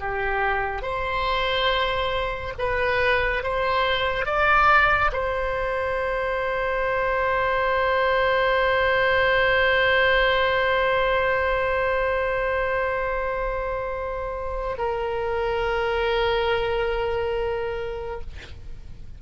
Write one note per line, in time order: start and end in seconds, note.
0.00 0.82 G4
0.82 2.53 C5
2.58 3.43 B4
3.43 4.25 C5
4.25 5.11 D5
5.12 14.77 C5
14.78 18.21 A#4